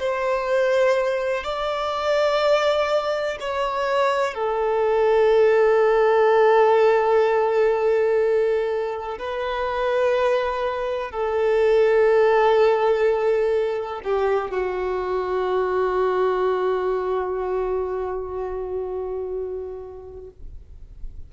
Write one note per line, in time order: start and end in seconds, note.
0.00 1.44 C5
1.44 3.38 D5
3.41 4.35 C#5
4.35 9.18 A4
9.19 11.11 B4
11.11 14.01 A4
14.05 14.51 G4
14.51 20.32 F#4